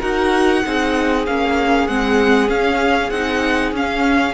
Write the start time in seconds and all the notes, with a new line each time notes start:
0.00 D#4 F#4 A#4 F#5
0.65 C4 D#4 G#4
1.27 A#3 C#4 F5
1.87 G#3 C4 F#5
2.48 C#4 F5
3.10 C4 D#4 F#5
3.72 C#4 F5